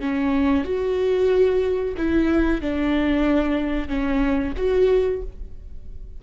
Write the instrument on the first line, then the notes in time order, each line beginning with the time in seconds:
viola
0.00 C#4
0.64 F#4
1.97 E4
2.61 D4
3.88 C#4
4.57 F#4